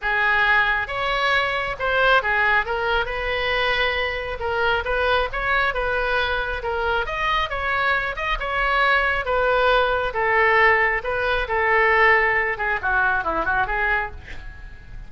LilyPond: \new Staff \with { instrumentName = "oboe" } { \time 4/4 \tempo 4 = 136 gis'2 cis''2 | c''4 gis'4 ais'4 b'4~ | b'2 ais'4 b'4 | cis''4 b'2 ais'4 |
dis''4 cis''4. dis''8 cis''4~ | cis''4 b'2 a'4~ | a'4 b'4 a'2~ | a'8 gis'8 fis'4 e'8 fis'8 gis'4 | }